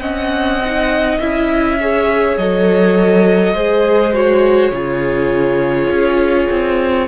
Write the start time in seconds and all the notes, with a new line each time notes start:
0.00 C4 C#4 D#5 F#5
0.65 D#4
1.20 C#4 E4 E5
1.80 G#4 C#5
2.37 F#3 A4 D#5
3.54 G#3 G#4 C5
4.12 F#4 C#5
4.71 C#3 F4 G#4
5.89 C#4
6.50 C4